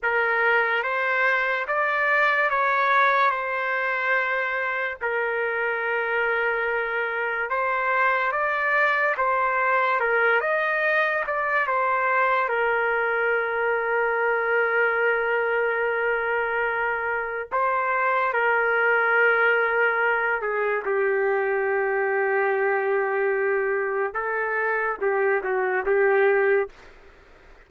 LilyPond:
\new Staff \with { instrumentName = "trumpet" } { \time 4/4 \tempo 4 = 72 ais'4 c''4 d''4 cis''4 | c''2 ais'2~ | ais'4 c''4 d''4 c''4 | ais'8 dis''4 d''8 c''4 ais'4~ |
ais'1~ | ais'4 c''4 ais'2~ | ais'8 gis'8 g'2.~ | g'4 a'4 g'8 fis'8 g'4 | }